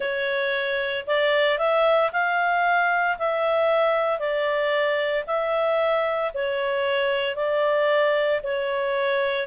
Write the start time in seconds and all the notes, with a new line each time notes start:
0.00 C#5
1.07 D5
1.58 E5
2.12 F5
3.18 E5
4.19 D5
5.26 E5
6.33 C#5
7.35 D5
8.43 C#5